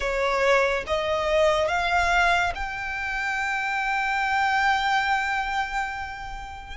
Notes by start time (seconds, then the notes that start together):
0.00 C#5
0.86 D#5
1.68 F5
2.54 G5